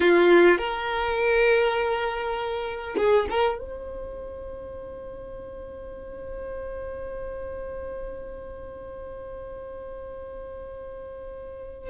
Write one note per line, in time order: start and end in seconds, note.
0.00 0.58 F4
0.58 2.95 A#4
2.97 3.27 G#4
3.30 3.59 A#4
3.59 11.90 C5